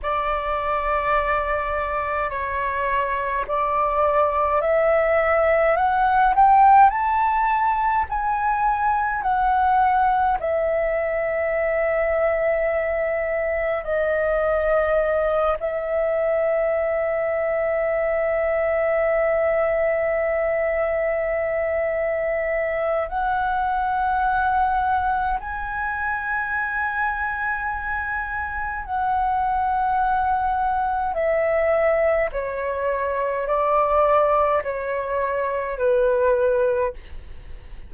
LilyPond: \new Staff \with { instrumentName = "flute" } { \time 4/4 \tempo 4 = 52 d''2 cis''4 d''4 | e''4 fis''8 g''8 a''4 gis''4 | fis''4 e''2. | dis''4. e''2~ e''8~ |
e''1 | fis''2 gis''2~ | gis''4 fis''2 e''4 | cis''4 d''4 cis''4 b'4 | }